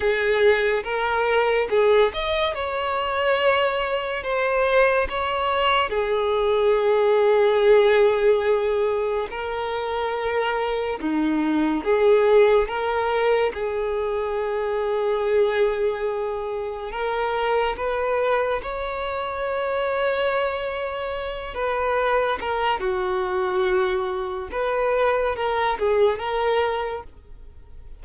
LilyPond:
\new Staff \with { instrumentName = "violin" } { \time 4/4 \tempo 4 = 71 gis'4 ais'4 gis'8 dis''8 cis''4~ | cis''4 c''4 cis''4 gis'4~ | gis'2. ais'4~ | ais'4 dis'4 gis'4 ais'4 |
gis'1 | ais'4 b'4 cis''2~ | cis''4. b'4 ais'8 fis'4~ | fis'4 b'4 ais'8 gis'8 ais'4 | }